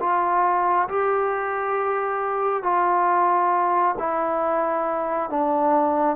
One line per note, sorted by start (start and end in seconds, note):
0.00 0.88 F4
0.89 2.63 G4
2.63 3.95 F4
3.99 5.30 E4
5.30 6.16 D4